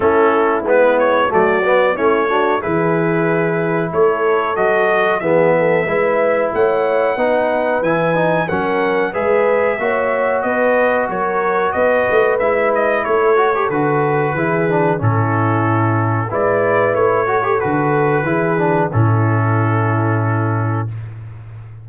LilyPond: <<
  \new Staff \with { instrumentName = "trumpet" } { \time 4/4 \tempo 4 = 92 a'4 b'8 cis''8 d''4 cis''4 | b'2 cis''4 dis''4 | e''2 fis''2 | gis''4 fis''4 e''2 |
dis''4 cis''4 dis''4 e''8 dis''8 | cis''4 b'2 a'4~ | a'4 d''4 cis''4 b'4~ | b'4 a'2. | }
  \new Staff \with { instrumentName = "horn" } { \time 4/4 e'2 fis'4 e'8 fis'8 | gis'2 a'2 | gis'8 a'8 b'4 cis''4 b'4~ | b'4 ais'4 b'4 cis''4 |
b'4 ais'4 b'2 | a'2 gis'4 e'4~ | e'4 b'4. a'4. | gis'4 e'2. | }
  \new Staff \with { instrumentName = "trombone" } { \time 4/4 cis'4 b4 a8 b8 cis'8 d'8 | e'2. fis'4 | b4 e'2 dis'4 | e'8 dis'8 cis'4 gis'4 fis'4~ |
fis'2. e'4~ | e'8 fis'16 g'16 fis'4 e'8 d'8 cis'4~ | cis'4 e'4. fis'16 g'16 fis'4 | e'8 d'8 cis'2. | }
  \new Staff \with { instrumentName = "tuba" } { \time 4/4 a4 gis4 fis4 a4 | e2 a4 fis4 | e4 gis4 a4 b4 | e4 fis4 gis4 ais4 |
b4 fis4 b8 a8 gis4 | a4 d4 e4 a,4~ | a,4 gis4 a4 d4 | e4 a,2. | }
>>